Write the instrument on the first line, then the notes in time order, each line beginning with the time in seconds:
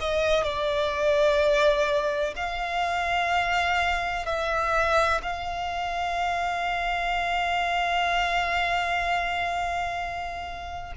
violin
0.00 D#5
0.43 D5
2.36 F5
4.26 E5
5.22 F5